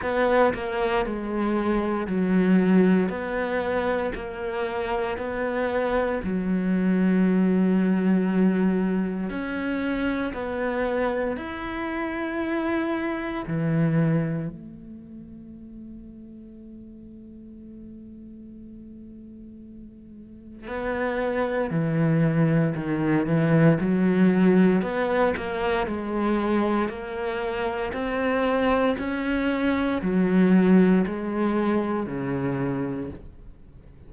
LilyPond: \new Staff \with { instrumentName = "cello" } { \time 4/4 \tempo 4 = 58 b8 ais8 gis4 fis4 b4 | ais4 b4 fis2~ | fis4 cis'4 b4 e'4~ | e'4 e4 a2~ |
a1 | b4 e4 dis8 e8 fis4 | b8 ais8 gis4 ais4 c'4 | cis'4 fis4 gis4 cis4 | }